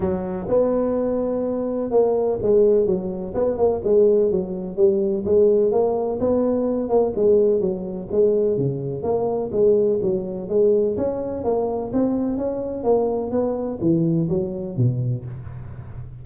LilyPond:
\new Staff \with { instrumentName = "tuba" } { \time 4/4 \tempo 4 = 126 fis4 b2. | ais4 gis4 fis4 b8 ais8 | gis4 fis4 g4 gis4 | ais4 b4. ais8 gis4 |
fis4 gis4 cis4 ais4 | gis4 fis4 gis4 cis'4 | ais4 c'4 cis'4 ais4 | b4 e4 fis4 b,4 | }